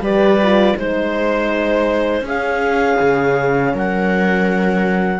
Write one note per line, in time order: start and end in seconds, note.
0.00 0.74 G3
0.00 0.40 G4
0.00 0.76 B4
0.00 0.77 D5
0.43 0.77 F4
0.77 2.21 G#3
0.77 2.24 D#4
0.77 2.26 C5
0.77 2.25 C5
2.21 2.96 C#4
2.21 5.20 C#4
2.21 3.73 G#4
2.21 3.75 F5
3.00 3.74 C#3
3.73 5.20 F#3
3.73 5.20 A#4
3.73 5.20 F#5